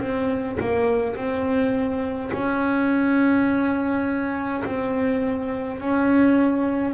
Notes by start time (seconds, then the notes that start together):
0.00 C4
0.60 A#3
1.16 C4
2.32 C#4
4.65 C4
5.80 C#4